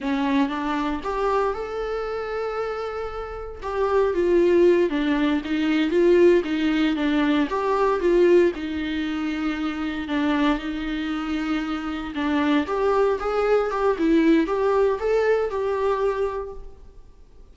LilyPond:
\new Staff \with { instrumentName = "viola" } { \time 4/4 \tempo 4 = 116 cis'4 d'4 g'4 a'4~ | a'2. g'4 | f'4. d'4 dis'4 f'8~ | f'8 dis'4 d'4 g'4 f'8~ |
f'8 dis'2. d'8~ | d'8 dis'2. d'8~ | d'8 g'4 gis'4 g'8 e'4 | g'4 a'4 g'2 | }